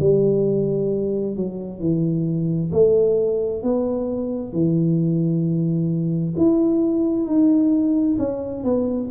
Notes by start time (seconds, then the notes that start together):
0.00 G3
1.36 F#3
1.80 E3
2.72 A3
3.63 B3
4.52 E3
6.37 E4
7.26 D#4
8.19 C#4
8.64 B3